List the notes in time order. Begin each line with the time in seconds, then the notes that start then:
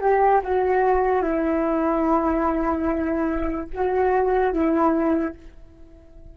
0.00 G4
0.43 F#4
1.22 E4
3.73 F#4
4.52 E4